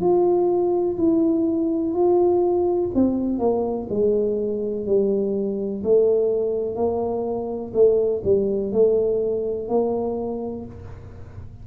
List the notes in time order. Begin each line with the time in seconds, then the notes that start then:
0.00 F4
0.97 E4
1.94 F4
2.94 C4
3.39 A#3
3.89 G#3
4.86 G3
5.84 A3
6.75 A#3
7.73 A3
8.24 G3
8.72 A3
9.68 A#3